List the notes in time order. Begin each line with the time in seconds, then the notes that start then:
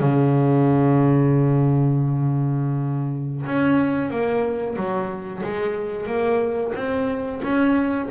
0.00 C#3
3.46 C#4
4.11 A#3
4.76 F#3
5.44 G#3
6.07 A#3
6.76 C4
7.43 C#4